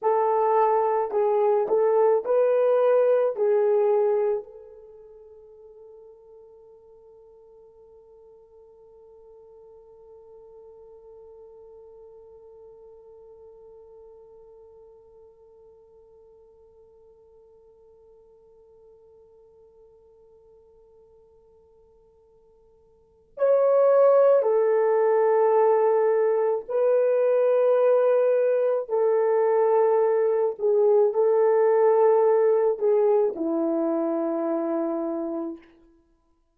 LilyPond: \new Staff \with { instrumentName = "horn" } { \time 4/4 \tempo 4 = 54 a'4 gis'8 a'8 b'4 gis'4 | a'1~ | a'1~ | a'1~ |
a'1~ | a'4 cis''4 a'2 | b'2 a'4. gis'8 | a'4. gis'8 e'2 | }